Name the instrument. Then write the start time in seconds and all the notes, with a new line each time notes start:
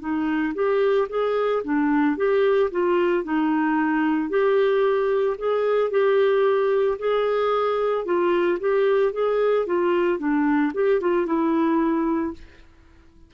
clarinet
0.00 D#4
0.55 G4
1.09 G#4
1.64 D4
2.17 G4
2.71 F4
3.24 D#4
4.30 G4
5.38 G#4
5.91 G4
6.99 G#4
8.06 F4
8.60 G4
9.13 G#4
9.66 F4
10.19 D4
10.74 G4
11.01 F4
11.26 E4